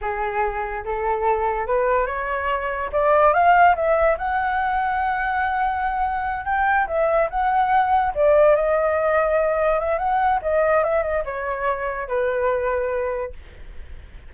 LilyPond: \new Staff \with { instrumentName = "flute" } { \time 4/4 \tempo 4 = 144 gis'2 a'2 | b'4 cis''2 d''4 | f''4 e''4 fis''2~ | fis''2.~ fis''8 g''8~ |
g''8 e''4 fis''2 d''8~ | d''8 dis''2. e''8 | fis''4 dis''4 e''8 dis''8 cis''4~ | cis''4 b'2. | }